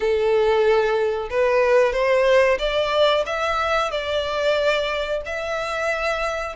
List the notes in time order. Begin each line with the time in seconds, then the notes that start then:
0.00 A4
1.30 B4
1.92 C5
2.58 D5
3.25 E5
3.91 D5
5.25 E5